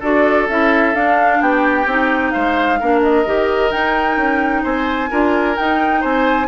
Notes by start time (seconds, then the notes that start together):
0.00 D4 F#4 A4 D5
0.49 C#4 E4 E5
0.94 D4 F5
1.41 B3 G4 G5
1.86 C4 D#4
2.31 G#3 C5 F5
2.80 A#3 D4 A#4
3.02 D#5
3.26 D#3 G4
3.71 D#4 G5
4.17 C#4
4.63 C4 C5 G#5
5.11 D4 F4 A#4
5.56 D#4 G5
6.01 C4 C5 G#5